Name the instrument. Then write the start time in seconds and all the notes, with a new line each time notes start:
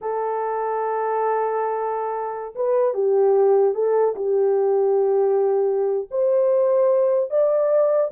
horn
0.01 A4
2.55 B4
2.94 G4
3.74 A4
4.15 G4
6.11 C5
7.30 D5